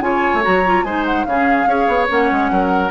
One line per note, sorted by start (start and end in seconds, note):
0.00 0.31 C#3
0.00 0.41 F4
0.00 0.85 C#5
0.00 0.43 G#5
0.34 0.44 A3
0.41 0.84 F#3
0.41 0.62 F#4
0.41 0.84 A#5
0.66 0.86 F4
0.84 1.25 G#3
0.84 1.28 D#4
0.84 1.26 C5
0.84 1.04 G#5
1.06 1.24 F#5
1.24 1.66 C#3
1.24 1.68 C#4
1.24 1.69 G#4
1.24 2.07 F5
1.66 1.87 C#4
1.66 2.09 G#4
1.66 2.52 C#5
1.87 2.08 B3
2.09 2.31 A#3
2.09 2.91 C#4
2.09 2.91 F#5
2.31 2.51 G#3
2.51 2.91 F#3
2.51 2.91 A#4